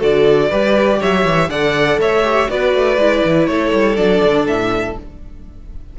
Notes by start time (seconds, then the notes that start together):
0.00 D3 F#4 A4 D5
0.50 G3 G4 B4
1.00 F#3 C#5 E5
1.25 E3
1.49 D3 A4 D5 F#5
1.99 A3 C#5 E5
2.23 G4
2.48 B3 F#4 B4 D5
2.74 A3
2.97 G#3 E4
3.25 E3
3.46 A3 A4 C#5
3.73 G3
3.96 F#3 D4 D5
4.24 D3
4.47 A2 E5